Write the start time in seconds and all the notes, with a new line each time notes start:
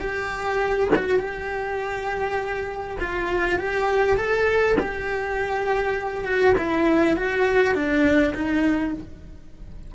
0.00 G4
0.95 F#4
1.19 G4
2.99 F4
3.59 G4
4.16 A4
4.79 G4
6.24 F#4
6.57 E4
7.16 F#4
7.74 D4
8.34 D#4